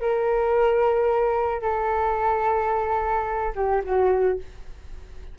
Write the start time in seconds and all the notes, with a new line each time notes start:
0.00 A#4
1.62 A4
3.56 G4
3.84 F#4